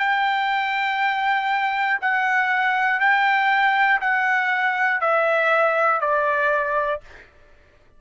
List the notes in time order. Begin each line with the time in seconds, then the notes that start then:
0.00 G5
2.02 F#5
3.00 G5
4.01 F#5
5.01 E5
6.01 D5